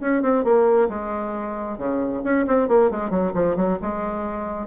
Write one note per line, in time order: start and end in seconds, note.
0.00 0.22 C#4
0.22 0.44 C4
0.44 0.88 A#3
0.89 1.78 G#3
1.78 2.22 C#3
2.24 2.46 C#4
2.47 2.68 C4
2.68 2.90 A#3
2.91 3.10 G#3
3.10 3.32 F#3
3.34 3.56 F3
3.56 3.78 F#3
3.81 4.67 G#3